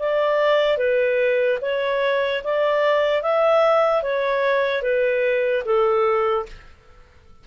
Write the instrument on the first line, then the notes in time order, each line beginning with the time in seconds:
clarinet
0.00 D5
0.78 B4
1.62 C#5
2.44 D5
3.22 E5
4.03 C#5
4.83 B4
5.65 A4